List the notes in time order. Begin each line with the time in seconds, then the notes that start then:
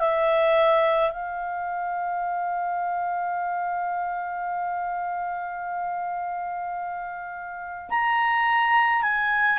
0.00 E5
1.11 F5
7.90 A#5
9.03 G#5